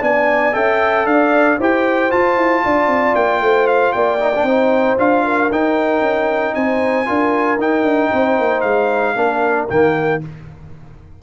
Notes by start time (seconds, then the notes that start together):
0.00 B3 D4 D5 G#5
0.52 C#4 A4 E5 G5
1.05 D4 D5 F5
1.59 E4 G4 C5 G5
2.11 F4 A5
2.36 E4
2.64 D4 D5
2.87 C4
3.15 A#3 G5
3.41 A3 C5
3.67 F5
3.92 A#3 D5 G5
4.19 D#4
4.35 D4
4.43 C4 D#4 C5
4.97 D4 F4 F5
5.24 A#4
5.51 D#4 G5
6.01 C#4
6.54 C4 C5 G#5
7.06 D4 F4 A#4
7.58 D#4 G5
7.83 D4
8.10 C4 C5
8.38 A#3
8.61 G#3 F5
9.16 A#3 D4 A#4
9.69 D#3 A#3 G5